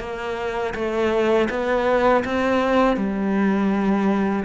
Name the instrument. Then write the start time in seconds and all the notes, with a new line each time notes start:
cello
0.00 A#3
0.74 A3
1.50 B3
2.25 C4
2.97 G3